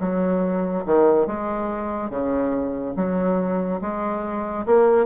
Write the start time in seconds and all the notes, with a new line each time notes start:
0.00 F#3
0.86 D#3
1.27 G#3
2.10 C#3
2.96 F#3
3.81 G#3
4.66 A#3